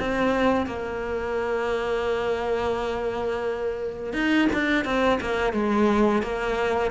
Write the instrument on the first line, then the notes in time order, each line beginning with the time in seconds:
cello
0.00 C4
0.67 A#3
4.14 D#4
4.54 D4
4.85 C4
5.21 A#3
5.53 G#3
6.23 A#3